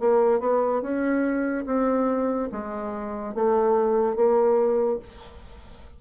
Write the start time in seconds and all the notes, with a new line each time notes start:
0.00 A#3
0.40 B3
0.81 C#4
1.66 C4
2.52 G#3
3.35 A3
4.16 A#3